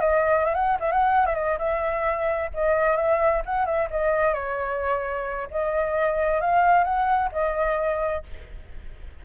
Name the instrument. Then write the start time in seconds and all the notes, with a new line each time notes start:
flute
0.00 D#5
0.45 E5
0.54 F#5
0.80 E5
0.91 F#5
1.26 E5
1.35 D#5
1.58 E5
2.54 D#5
2.96 E5
3.45 F#5
3.65 E5
3.90 D#5
4.33 C#5
5.51 D#5
6.41 F5
6.84 F#5
7.32 D#5